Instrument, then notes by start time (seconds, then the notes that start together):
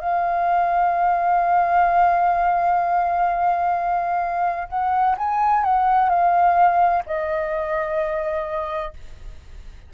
flute
0.00 F5
4.69 F#5
5.18 G#5
5.64 F#5
6.10 F5
7.07 D#5